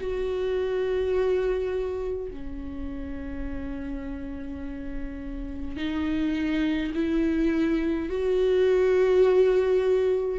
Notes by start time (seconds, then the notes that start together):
0.00 F#4
2.31 C#4
5.76 D#4
6.94 E4
8.09 F#4